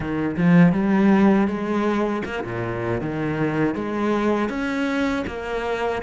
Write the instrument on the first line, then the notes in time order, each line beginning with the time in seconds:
cello
0.00 D#3
0.36 F3
0.72 G3
1.47 G#3
2.25 A#3
2.44 A#2
3.00 D#3
3.74 G#3
4.49 C#4
5.27 A#3